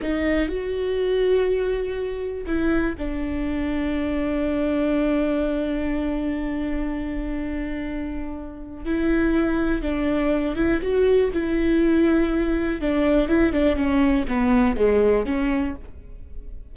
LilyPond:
\new Staff \with { instrumentName = "viola" } { \time 4/4 \tempo 4 = 122 dis'4 fis'2.~ | fis'4 e'4 d'2~ | d'1~ | d'1~ |
d'2 e'2 | d'4. e'8 fis'4 e'4~ | e'2 d'4 e'8 d'8 | cis'4 b4 gis4 cis'4 | }